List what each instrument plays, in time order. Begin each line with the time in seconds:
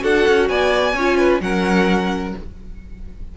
0.00 cello D4, viola F#4, violin A4 F#5
0.28 cello C#4
0.49 cello B3, violin D5 G#5
0.94 cello C#4, viola F4, violin C#5
1.18 violin B4
1.41 cello F#3, viola C#4, violin A#4 F#5